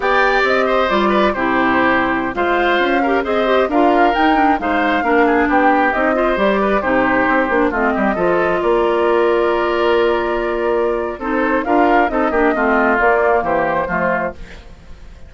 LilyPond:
<<
  \new Staff \with { instrumentName = "flute" } { \time 4/4 \tempo 4 = 134 g''4 dis''4 d''4 c''4~ | c''4~ c''16 f''2 dis''8.~ | dis''16 f''4 g''4 f''4.~ f''16~ | f''16 g''4 dis''4 d''4 c''8.~ |
c''4~ c''16 dis''2 d''8.~ | d''1~ | d''4 c''4 f''4 dis''4~ | dis''4 d''4 c''2 | }
  \new Staff \with { instrumentName = "oboe" } { \time 4/4 d''4. c''4 b'8 g'4~ | g'4~ g'16 c''4. ais'8 c''8.~ | c''16 ais'2 c''4 ais'8 gis'16~ | gis'16 g'4. c''4 b'8 g'8.~ |
g'4~ g'16 f'8 g'8 a'4 ais'8.~ | ais'1~ | ais'4 a'4 ais'4 a'8 g'8 | f'2 g'4 f'4 | }
  \new Staff \with { instrumentName = "clarinet" } { \time 4/4 g'2 f'4 e'4~ | e'4~ e'16 f'4. g'8 gis'8 g'16~ | g'16 f'4 dis'8 d'8 dis'4 d'8.~ | d'4~ d'16 dis'8 f'8 g'4 dis'8.~ |
dis'8. d'8 c'4 f'4.~ f'16~ | f'1~ | f'4 dis'4 f'4 dis'8 d'8 | c'4 ais2 a4 | }
  \new Staff \with { instrumentName = "bassoon" } { \time 4/4 b4 c'4 g4 c4~ | c4~ c16 gis4 cis'4 c'8.~ | c'16 d'4 dis'4 gis4 ais8.~ | ais16 b4 c'4 g4 c8.~ |
c16 c'8 ais8 a8 g8 f4 ais8.~ | ais1~ | ais4 c'4 d'4 c'8 ais8 | a4 ais4 e4 f4 | }
>>